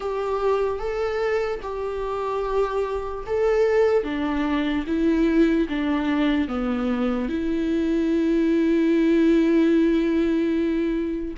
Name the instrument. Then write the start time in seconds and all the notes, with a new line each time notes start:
viola
0.00 G4
0.79 A4
1.62 G4
3.26 A4
4.03 D4
4.86 E4
5.68 D4
6.48 B3
7.29 E4